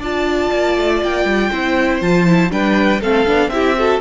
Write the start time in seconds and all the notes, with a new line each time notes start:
0.00 D4 F4 D5 A5
0.53 A#3
0.77 A3
1.03 A#3 G5
1.25 G3
1.52 C4 E4 C5
2.01 F3 F4 A5
2.27 E4
2.51 G3 D4 B4 G5
3.01 A3 C4 A4 F5
3.27 B3 D4
3.48 C4 E4 G4 E5
3.77 F#4 A4